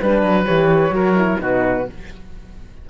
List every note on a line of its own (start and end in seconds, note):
0.00 0.22 G3
0.00 0.45 D4
0.00 0.45 B4
0.00 0.95 B4
0.22 0.45 F#3
0.45 0.90 E3
0.45 0.91 G4
0.45 1.38 C#5
0.90 1.36 F#3
0.90 1.14 F#4
0.90 1.41 A#4
1.16 1.38 E4
1.38 1.87 B2
1.38 1.85 D#4
1.38 1.87 F#4
1.38 1.89 B4